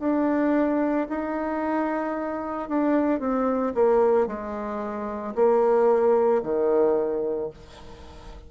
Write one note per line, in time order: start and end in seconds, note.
0.00 1.07 D4
1.10 2.69 D#4
2.69 3.20 D4
3.20 3.74 C4
3.75 4.28 A#3
4.28 5.35 G#3
5.36 6.43 A#3
6.43 7.50 D#3